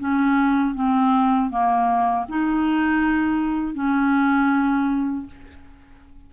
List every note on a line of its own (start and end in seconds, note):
0.00 0.75 C#4
0.75 1.51 C4
1.51 2.26 A#3
2.29 3.75 D#4
3.75 5.27 C#4